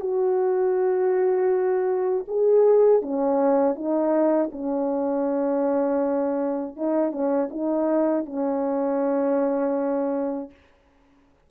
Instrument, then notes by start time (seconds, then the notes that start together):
horn
0.00 F#4
2.27 G#4
3.02 C#4
3.75 D#4
4.52 C#4
6.76 D#4
7.11 C#4
7.50 D#4
8.25 C#4